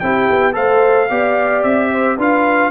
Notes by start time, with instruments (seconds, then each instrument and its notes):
0.00 tuba C4, trombone E4, horn G4, trumpet G5
0.30 tuba B3
0.53 tuba A3, trombone A4, horn C5, trumpet F5
1.10 tuba B3, trombone G4, horn D5
1.63 tuba C4, trumpet E5
1.92 horn C5
2.17 tuba D4, trombone F4, horn B4, trumpet F5